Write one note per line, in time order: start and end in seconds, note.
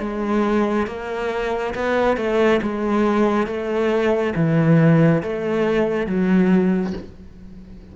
0.00 0.87 G#3
0.87 1.74 A#3
1.75 2.17 B3
2.17 2.60 A3
2.62 3.47 G#3
3.47 4.34 A3
4.36 5.23 E3
5.23 6.07 A3
6.07 6.94 F#3